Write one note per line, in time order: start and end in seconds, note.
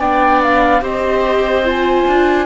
0.00 0.82 B3
0.00 0.82 D4
0.00 0.82 D5
0.00 0.42 G5
0.43 0.84 F5
0.82 2.06 C4
0.82 1.64 G4
0.82 2.47 C5
0.82 1.66 D#5
1.65 2.47 F4
1.65 2.47 G#5
2.08 2.47 D4